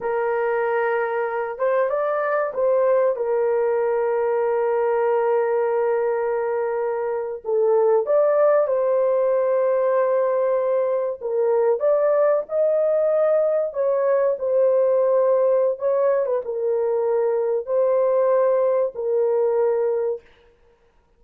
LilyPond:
\new Staff \with { instrumentName = "horn" } { \time 4/4 \tempo 4 = 95 ais'2~ ais'8 c''8 d''4 | c''4 ais'2.~ | ais'2.~ ais'8. a'16~ | a'8. d''4 c''2~ c''16~ |
c''4.~ c''16 ais'4 d''4 dis''16~ | dis''4.~ dis''16 cis''4 c''4~ c''16~ | c''4 cis''8. b'16 ais'2 | c''2 ais'2 | }